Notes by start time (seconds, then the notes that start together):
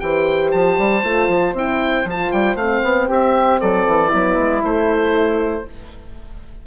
0.00 E3 G4 C5 G5
0.52 F3 A5
0.78 G3
1.04 A3 F4
1.29 F3
1.54 C4 E4 G5
2.05 F3 F4 A5
2.32 G3 G5
2.56 A3 C4 F5
2.84 B3
3.08 C4 G4 E5
3.61 F#3 A4 D5
3.87 E3
4.10 F#3 B3 E4
4.38 G#3
4.64 A3 C5